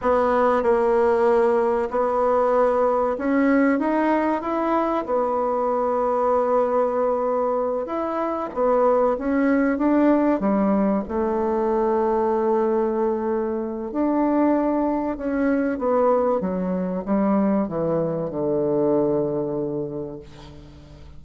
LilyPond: \new Staff \with { instrumentName = "bassoon" } { \time 4/4 \tempo 4 = 95 b4 ais2 b4~ | b4 cis'4 dis'4 e'4 | b1~ | b8 e'4 b4 cis'4 d'8~ |
d'8 g4 a2~ a8~ | a2 d'2 | cis'4 b4 fis4 g4 | e4 d2. | }